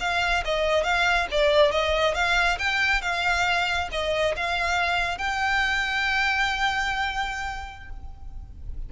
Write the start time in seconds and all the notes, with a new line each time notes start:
0.00 F5
0.45 D#5
0.84 F5
1.31 D5
1.72 D#5
2.15 F5
2.59 G5
3.02 F5
3.92 D#5
4.36 F5
5.18 G5